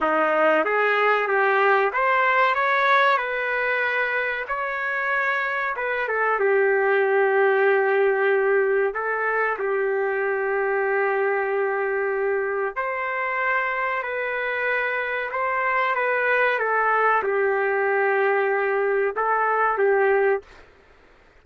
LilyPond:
\new Staff \with { instrumentName = "trumpet" } { \time 4/4 \tempo 4 = 94 dis'4 gis'4 g'4 c''4 | cis''4 b'2 cis''4~ | cis''4 b'8 a'8 g'2~ | g'2 a'4 g'4~ |
g'1 | c''2 b'2 | c''4 b'4 a'4 g'4~ | g'2 a'4 g'4 | }